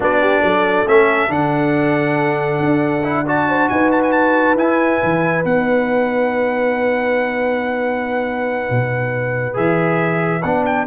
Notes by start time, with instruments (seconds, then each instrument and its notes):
0.00 tuba B3, trombone D4, horn F#4, trumpet D5
0.20 horn G4
0.42 tuba F#3, horn A4
0.86 tuba A3, trombone C#4, trumpet E5
1.28 tuba D3, trombone D4, trumpet F#5
2.60 tuba D4
3.03 trombone E4
3.25 trombone F#4, horn D5, trumpet A5
3.48 horn C5
3.69 tuba D#4, horn B4, trumpet G#5
3.91 trumpet A5
4.03 trumpet G#5
4.12 trumpet A5
4.55 tuba E4, trombone E4, trumpet G#5
5.03 tuba E3
5.43 tuba B3, trombone D#4, trumpet F#5
8.69 tuba B2
9.53 tuba E3, trombone G#4, trumpet E5
10.42 tuba B3, trombone D4, trumpet F#5
10.65 trumpet G5